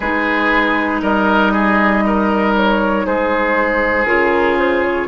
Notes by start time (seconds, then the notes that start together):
0.00 G#3 D#4 G#4 B4
1.01 G3 A#4 D#5
1.52 G#4
2.06 A#4
2.55 C#5
3.06 G#3 G#4 C5
4.05 C#3 F4 A#4
4.59 C5
4.83 C#5